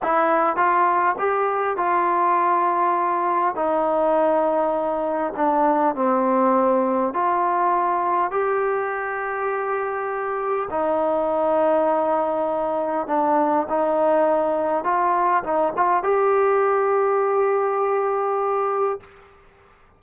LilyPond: \new Staff \with { instrumentName = "trombone" } { \time 4/4 \tempo 4 = 101 e'4 f'4 g'4 f'4~ | f'2 dis'2~ | dis'4 d'4 c'2 | f'2 g'2~ |
g'2 dis'2~ | dis'2 d'4 dis'4~ | dis'4 f'4 dis'8 f'8 g'4~ | g'1 | }